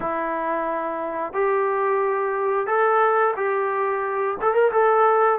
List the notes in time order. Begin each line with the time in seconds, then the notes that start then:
0.00 E4
1.33 G4
2.66 A4
3.36 G4
4.41 A4
4.54 A#4
4.72 A4